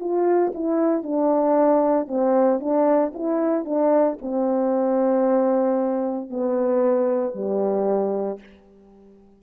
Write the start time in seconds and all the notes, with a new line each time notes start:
0.00 F4
0.55 E4
1.03 D4
2.08 C4
2.60 D4
3.14 E4
3.65 D4
4.22 C4
6.30 B3
7.35 G3